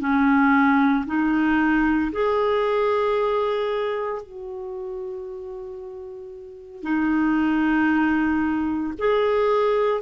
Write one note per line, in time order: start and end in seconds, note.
0.00 1.05 C#4
1.07 2.12 D#4
2.12 4.23 G#4
4.23 6.83 F#4
6.83 8.94 D#4
8.99 10.02 G#4